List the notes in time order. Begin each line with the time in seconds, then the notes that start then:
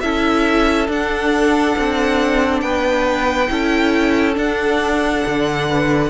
0.00 C#4 E4 A4 E5
0.88 D4 F#5
1.77 C4
2.60 B3 B4 G5
3.48 C#4 E4 A4
4.34 D4 F#5
5.25 D3
5.68 B4